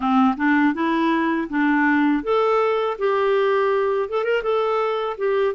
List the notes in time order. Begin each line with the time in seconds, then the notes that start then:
0.00 C4
0.36 D4
0.73 E4
1.49 D4
2.23 A4
2.98 G4
4.09 A4
4.24 A#4
4.42 A4
5.17 G4